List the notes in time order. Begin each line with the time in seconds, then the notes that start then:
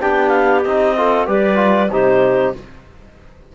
0.00 B3 D4 G4 G5
0.28 F5
0.63 C4 D#4 D#5
0.96 F4 A4
1.26 G3 G4 B4 D5
1.55 F4
1.89 C3 D#4 G4 C5